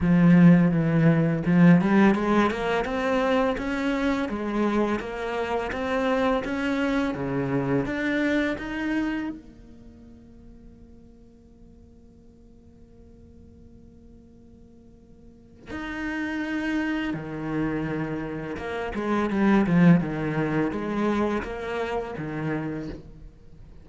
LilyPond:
\new Staff \with { instrumentName = "cello" } { \time 4/4 \tempo 4 = 84 f4 e4 f8 g8 gis8 ais8 | c'4 cis'4 gis4 ais4 | c'4 cis'4 cis4 d'4 | dis'4 ais2.~ |
ais1~ | ais2 dis'2 | dis2 ais8 gis8 g8 f8 | dis4 gis4 ais4 dis4 | }